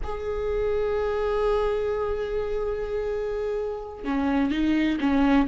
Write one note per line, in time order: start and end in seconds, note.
0.03 4.04 G#4
4.04 4.51 C#4
4.51 4.98 D#4
5.00 5.47 C#4